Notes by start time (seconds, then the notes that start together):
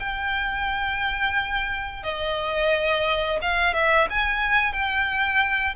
0.00 G5
2.03 D#5
3.42 F5
3.74 E5
4.10 G#5
4.73 G5